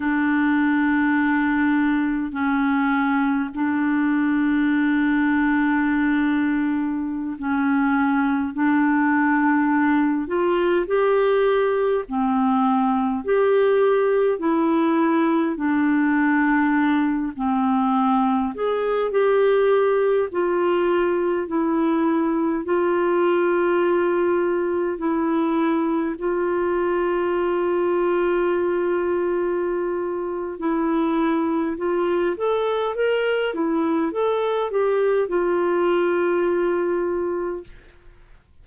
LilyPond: \new Staff \with { instrumentName = "clarinet" } { \time 4/4 \tempo 4 = 51 d'2 cis'4 d'4~ | d'2~ d'16 cis'4 d'8.~ | d'8. f'8 g'4 c'4 g'8.~ | g'16 e'4 d'4. c'4 gis'16~ |
gis'16 g'4 f'4 e'4 f'8.~ | f'4~ f'16 e'4 f'4.~ f'16~ | f'2 e'4 f'8 a'8 | ais'8 e'8 a'8 g'8 f'2 | }